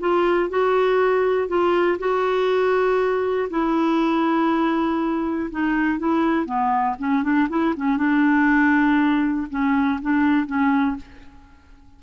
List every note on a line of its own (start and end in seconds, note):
0.00 0.50 F4
0.50 1.48 F#4
1.48 1.98 F4
1.99 3.49 F#4
3.50 5.50 E4
5.51 5.99 D#4
5.99 6.46 E4
6.46 6.96 B3
6.99 7.23 C#4
7.23 7.48 D4
7.49 7.74 E4
7.76 7.97 C#4
7.97 9.47 D4
9.50 10.00 C#4
10.01 10.47 D4
10.47 10.97 C#4